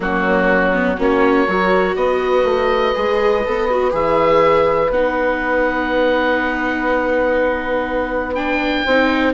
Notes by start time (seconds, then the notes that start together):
0.00 F#3 A#3 C#4 F#4
0.73 B3
0.97 A#3 C#4 F#4 C#5
1.47 F#3 F#4 A#4
1.96 B3 B4 D#5
2.44 A3
2.95 G#3 G#4
3.45 B3 A4
3.70 F#4
3.90 E3 G#4 E5
4.90 B3 D#4 F#5
8.34 D4 G5
8.85 C4 D#4 C5